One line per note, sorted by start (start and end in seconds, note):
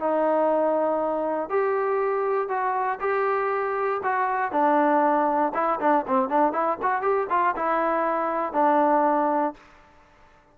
0.00 1.50 D#4
1.50 2.49 G4
2.49 2.99 F#4
3.00 4.01 G4
4.04 4.52 F#4
4.52 5.53 D4
5.54 5.80 E4
5.81 6.06 D4
6.08 6.29 C4
6.29 6.53 D4
6.53 6.78 E4
6.82 7.02 F#4
7.02 7.27 G4
7.30 7.55 F4
7.57 8.53 E4
8.53 9.54 D4